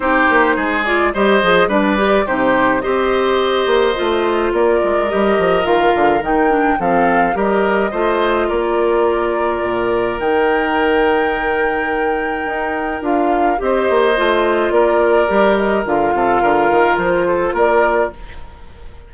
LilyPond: <<
  \new Staff \with { instrumentName = "flute" } { \time 4/4 \tempo 4 = 106 c''4. d''8 dis''4 d''4 | c''4 dis''2. | d''4 dis''4 f''4 g''4 | f''4 dis''2 d''4~ |
d''2 g''2~ | g''2. f''4 | dis''2 d''4. dis''8 | f''2 c''4 d''4 | }
  \new Staff \with { instrumentName = "oboe" } { \time 4/4 g'4 gis'4 c''4 b'4 | g'4 c''2. | ais'1 | a'4 ais'4 c''4 ais'4~ |
ais'1~ | ais'1 | c''2 ais'2~ | ais'8 a'8 ais'4. a'8 ais'4 | }
  \new Staff \with { instrumentName = "clarinet" } { \time 4/4 dis'4. f'8 g'8 gis'8 d'8 g'8 | dis'4 g'2 f'4~ | f'4 g'4 f'4 dis'8 d'8 | c'4 g'4 f'2~ |
f'2 dis'2~ | dis'2. f'4 | g'4 f'2 g'4 | f'1 | }
  \new Staff \with { instrumentName = "bassoon" } { \time 4/4 c'8 ais8 gis4 g8 f8 g4 | c4 c'4. ais8 a4 | ais8 gis8 g8 f8 dis8 d8 dis4 | f4 g4 a4 ais4~ |
ais4 ais,4 dis2~ | dis2 dis'4 d'4 | c'8 ais8 a4 ais4 g4 | d8 c8 d8 dis8 f4 ais4 | }
>>